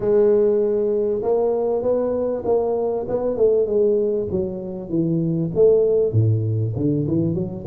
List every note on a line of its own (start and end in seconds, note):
0.00 1.21 G#3
1.22 1.82 A#3
1.82 2.43 B3
2.45 3.06 A#3
3.08 3.36 B3
3.36 3.66 A3
3.66 4.27 G#3
4.31 4.89 F#3
4.89 5.50 E3
5.54 6.12 A3
6.12 6.73 A2
6.76 7.06 D3
7.07 7.34 E3
7.34 7.64 F#3